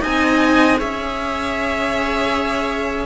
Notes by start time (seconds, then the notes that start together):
0.00 C4 D#4 D#5 G#5
0.78 C#4 G#4 C#5 E5